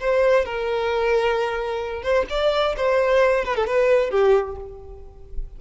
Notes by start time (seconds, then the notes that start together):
0.00 C5
0.45 A#4
2.03 C5
2.30 D5
2.77 C5
3.45 B4
3.56 A4
3.67 B4
4.11 G4